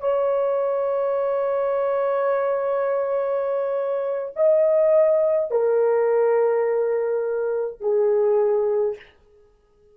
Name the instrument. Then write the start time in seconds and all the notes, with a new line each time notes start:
horn
0.00 C#5
4.36 D#5
5.51 A#4
7.80 G#4